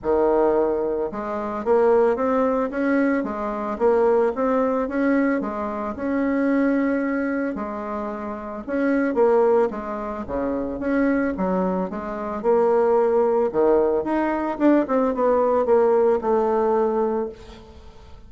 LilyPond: \new Staff \with { instrumentName = "bassoon" } { \time 4/4 \tempo 4 = 111 dis2 gis4 ais4 | c'4 cis'4 gis4 ais4 | c'4 cis'4 gis4 cis'4~ | cis'2 gis2 |
cis'4 ais4 gis4 cis4 | cis'4 fis4 gis4 ais4~ | ais4 dis4 dis'4 d'8 c'8 | b4 ais4 a2 | }